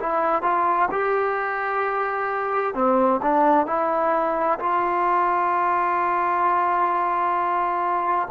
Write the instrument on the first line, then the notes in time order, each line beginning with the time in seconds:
trombone
0.00 E4
0.43 F4
0.91 G4
2.75 C4
3.23 D4
3.67 E4
4.60 F4